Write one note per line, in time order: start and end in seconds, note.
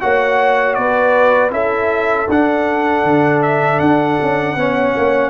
0.00 0.77 A#3
0.00 1.50 F#4
0.00 0.77 C#5
0.00 0.74 F#5
0.74 1.51 B3
0.74 1.53 B4
0.74 1.50 D5
1.50 2.27 C#4
1.50 2.26 E4
1.50 4.56 A4
1.50 2.28 E5
2.28 3.04 D4
2.28 4.57 D4
2.28 3.42 F#5
3.04 3.80 D3
3.42 3.79 E5
3.79 4.18 D4
3.79 5.30 F#5
4.22 4.56 C#4
4.56 4.94 B3
4.56 5.30 C#4
4.56 5.30 C#5
4.96 5.30 A#3